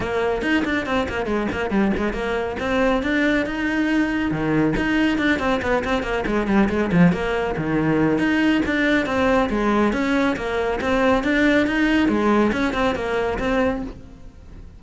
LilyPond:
\new Staff \with { instrumentName = "cello" } { \time 4/4 \tempo 4 = 139 ais4 dis'8 d'8 c'8 ais8 gis8 ais8 | g8 gis8 ais4 c'4 d'4 | dis'2 dis4 dis'4 | d'8 c'8 b8 c'8 ais8 gis8 g8 gis8 |
f8 ais4 dis4. dis'4 | d'4 c'4 gis4 cis'4 | ais4 c'4 d'4 dis'4 | gis4 cis'8 c'8 ais4 c'4 | }